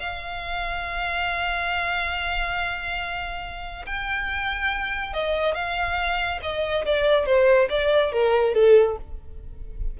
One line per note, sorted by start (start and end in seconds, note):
0.00 3.86 F5
3.86 5.14 G5
5.14 5.55 D#5
5.55 6.41 F5
6.42 6.85 D#5
6.86 7.26 D5
7.26 7.69 C5
7.69 8.12 D5
8.12 8.55 A#4
8.55 8.97 A4